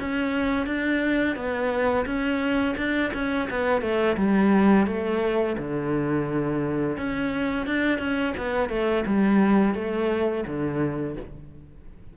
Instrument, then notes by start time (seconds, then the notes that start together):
cello
0.00 C#4
0.67 D4
1.36 B3
2.06 C#4
2.77 D4
3.14 C#4
3.50 B3
3.82 A3
4.17 G3
4.87 A3
5.58 D3
6.97 C#4
7.66 D4
7.99 C#4
8.37 B3
8.69 A3
9.06 G3
9.75 A3
10.47 D3